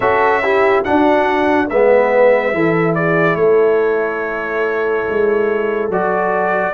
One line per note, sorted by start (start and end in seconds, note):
0.00 0.83 C#4
0.00 0.43 F#4
0.00 0.42 A4
0.00 0.83 E5
0.42 0.84 E4
0.42 0.83 G4
0.83 1.69 D4
0.83 1.70 D4
0.83 1.67 F#4
0.83 1.68 F#5
1.69 2.54 G#3
1.69 2.53 B3
1.69 2.54 B4
1.69 2.94 E5
2.53 3.35 E3
2.53 5.91 E4
2.53 2.96 A4
2.94 3.39 G#4
2.94 3.35 D5
3.35 5.04 A3
3.35 6.74 A4
3.35 5.89 C#5
5.09 5.89 G#3
5.89 6.73 F#3
5.89 6.74 F#4
5.89 6.74 D5